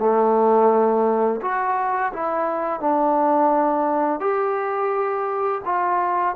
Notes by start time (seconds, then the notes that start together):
0.00 A3
1.42 F#4
2.13 E4
2.80 D4
4.21 G4
5.65 F4